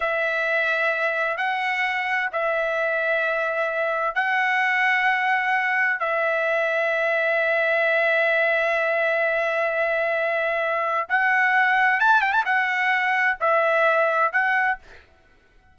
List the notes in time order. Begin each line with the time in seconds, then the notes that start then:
0.00 E5
1.37 F#5
2.32 E5
4.14 F#5
5.99 E5
11.09 F#5
12.00 A5
12.21 G5
12.32 A5
12.45 F#5
13.40 E5
14.32 F#5